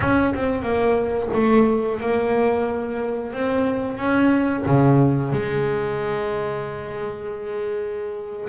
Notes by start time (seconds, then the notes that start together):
0.00 C#4
0.34 C4
0.62 A#3
1.33 A3
2.00 A#3
3.32 C4
3.97 C#4
4.66 C#3
5.32 G#3